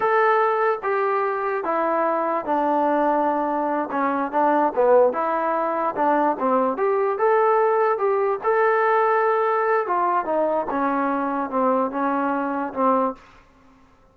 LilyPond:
\new Staff \with { instrumentName = "trombone" } { \time 4/4 \tempo 4 = 146 a'2 g'2 | e'2 d'2~ | d'4. cis'4 d'4 b8~ | b8 e'2 d'4 c'8~ |
c'8 g'4 a'2 g'8~ | g'8 a'2.~ a'8 | f'4 dis'4 cis'2 | c'4 cis'2 c'4 | }